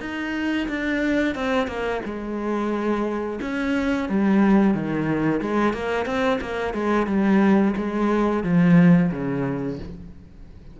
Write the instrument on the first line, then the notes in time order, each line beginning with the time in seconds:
cello
0.00 D#4
0.68 D4
1.35 C4
1.67 A#3
2.05 G#3
3.41 C#4
4.09 G3
4.74 D#3
5.41 G#3
5.73 A#3
6.06 C4
6.41 A#3
6.73 G#3
7.07 G3
7.77 G#3
8.43 F3
9.11 C#3